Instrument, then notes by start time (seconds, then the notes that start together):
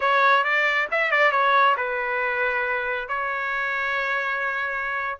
trumpet
0.00 C#5
0.44 D5
0.91 E5
1.11 D5
1.31 C#5
1.76 B4
3.08 C#5